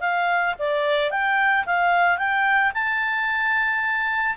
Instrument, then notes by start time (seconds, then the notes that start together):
clarinet
0.00 F5
0.58 D5
1.10 G5
1.66 F5
2.17 G5
2.74 A5